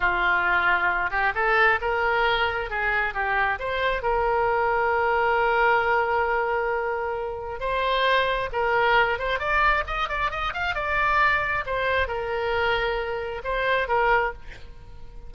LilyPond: \new Staff \with { instrumentName = "oboe" } { \time 4/4 \tempo 4 = 134 f'2~ f'8 g'8 a'4 | ais'2 gis'4 g'4 | c''4 ais'2.~ | ais'1~ |
ais'4 c''2 ais'4~ | ais'8 c''8 d''4 dis''8 d''8 dis''8 f''8 | d''2 c''4 ais'4~ | ais'2 c''4 ais'4 | }